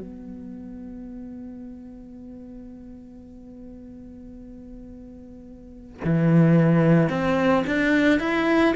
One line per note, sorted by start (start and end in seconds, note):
0.00 6.00 B3
6.04 7.09 E3
7.09 7.64 C4
7.67 8.19 D4
8.19 8.74 E4